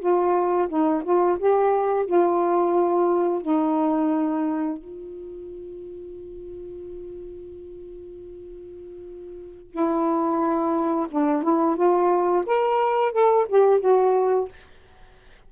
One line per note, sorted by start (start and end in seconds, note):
0.00 0.68 F4
0.68 1.03 D#4
1.04 1.38 F4
1.39 2.06 G4
2.06 3.42 F4
3.42 4.78 D#4
4.78 9.71 F4
9.71 11.07 E4
11.11 11.43 D4
11.43 11.76 E4
11.76 12.44 F4
12.46 13.12 A#4
13.12 13.46 A4
13.49 13.80 G4
13.80 14.48 F#4